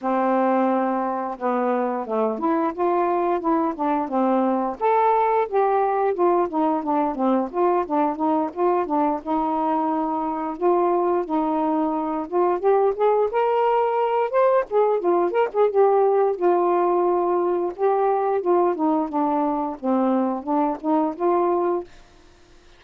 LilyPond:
\new Staff \with { instrumentName = "saxophone" } { \time 4/4 \tempo 4 = 88 c'2 b4 a8 e'8 | f'4 e'8 d'8 c'4 a'4 | g'4 f'8 dis'8 d'8 c'8 f'8 d'8 | dis'8 f'8 d'8 dis'2 f'8~ |
f'8 dis'4. f'8 g'8 gis'8 ais'8~ | ais'4 c''8 gis'8 f'8 ais'16 gis'16 g'4 | f'2 g'4 f'8 dis'8 | d'4 c'4 d'8 dis'8 f'4 | }